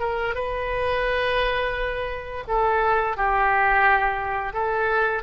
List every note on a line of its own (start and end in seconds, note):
0.00 0.35 A#4
0.35 2.44 B4
2.48 3.17 A4
3.17 4.53 G4
4.53 5.23 A4